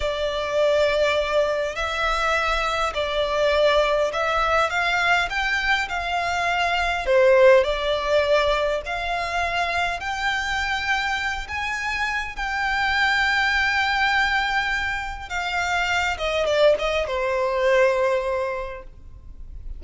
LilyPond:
\new Staff \with { instrumentName = "violin" } { \time 4/4 \tempo 4 = 102 d''2. e''4~ | e''4 d''2 e''4 | f''4 g''4 f''2 | c''4 d''2 f''4~ |
f''4 g''2~ g''8 gis''8~ | gis''4 g''2.~ | g''2 f''4. dis''8 | d''8 dis''8 c''2. | }